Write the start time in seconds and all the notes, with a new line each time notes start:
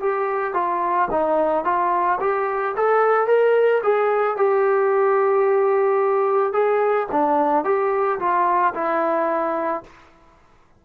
0.00 G4
0.54 F4
1.11 D#4
1.65 F4
2.21 G4
2.77 A4
3.27 A#4
3.83 G#4
4.37 G4
6.53 G#4
7.12 D4
7.64 G4
8.19 F4
8.74 E4